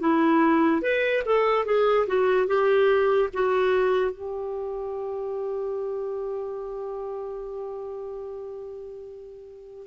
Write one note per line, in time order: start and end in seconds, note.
0.00 0.82 E4
0.82 1.23 B4
1.26 1.66 A4
1.66 2.07 G#4
2.07 2.47 F#4
2.47 3.30 G4
3.34 4.12 F#4
4.12 9.87 G4